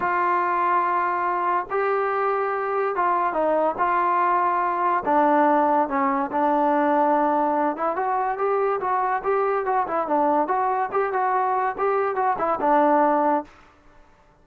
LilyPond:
\new Staff \with { instrumentName = "trombone" } { \time 4/4 \tempo 4 = 143 f'1 | g'2. f'4 | dis'4 f'2. | d'2 cis'4 d'4~ |
d'2~ d'8 e'8 fis'4 | g'4 fis'4 g'4 fis'8 e'8 | d'4 fis'4 g'8 fis'4. | g'4 fis'8 e'8 d'2 | }